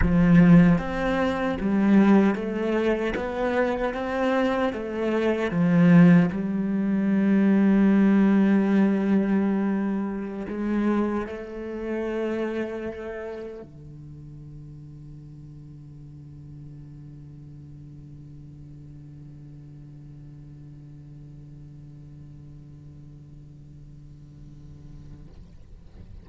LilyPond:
\new Staff \with { instrumentName = "cello" } { \time 4/4 \tempo 4 = 76 f4 c'4 g4 a4 | b4 c'4 a4 f4 | g1~ | g4~ g16 gis4 a4.~ a16~ |
a4~ a16 d2~ d8.~ | d1~ | d1~ | d1 | }